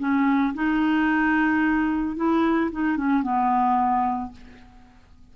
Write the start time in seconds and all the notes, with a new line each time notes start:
0.00 C#4
0.55 D#4
2.17 E4
2.72 D#4
2.98 C#4
3.23 B3